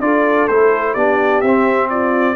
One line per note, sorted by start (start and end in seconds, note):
0.00 0.47 D4
0.00 0.48 F4
0.00 0.93 A4
0.00 0.48 D5
0.48 0.95 A3
0.48 0.97 E4
0.48 0.93 C5
0.93 1.42 B3
0.93 1.44 D4
0.93 1.88 G4
0.93 1.41 D5
1.41 2.35 C4
1.41 1.88 E5
1.89 2.35 F4
1.89 2.35 D5